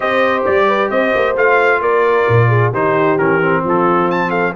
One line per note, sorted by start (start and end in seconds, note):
0.00 0.47 C4
0.00 1.35 G4
0.00 0.65 C5
0.00 0.43 D#5
0.45 0.90 G3
0.45 0.90 D5
0.67 0.89 B4
0.89 1.13 C4
0.89 1.80 C5
0.89 1.35 D#5
1.15 1.36 A#3
1.36 1.81 A3
1.36 2.73 F4
1.36 1.81 F5
1.81 2.26 A#3
1.81 2.48 A#4
1.81 2.72 D5
2.28 2.73 A#2
2.48 2.70 G#4
2.70 3.18 D#3
2.70 3.19 D#4
2.70 3.61 G4
2.70 3.18 C5
3.18 3.63 E3
3.18 3.41 C#4
3.18 3.63 A#4
3.41 4.54 C4
3.63 4.55 F3
3.63 4.29 F4
3.63 4.11 A4
4.11 4.30 A5
4.29 4.52 A4
4.29 4.53 F5